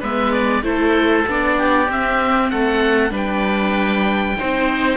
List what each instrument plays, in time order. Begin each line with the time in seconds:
0.00 cello G#3, viola B3, oboe B4 E5
0.33 oboe D5
0.63 cello A3, viola E4, oboe A4 C5
1.28 cello B3, viola D4, oboe D5
1.58 oboe G4
1.87 viola C4, cello C4, oboe E5
2.51 cello A3, oboe A4 F#5
3.11 cello G3, viola D4, oboe B4
3.17 oboe G5
4.39 cello C4, viola D#4, oboe C5